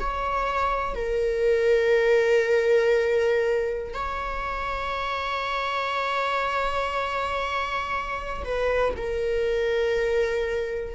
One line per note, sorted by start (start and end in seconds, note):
0.00 0.95 C#5
0.95 3.94 A#4
3.94 8.44 C#5
8.45 8.95 B4
8.96 10.95 A#4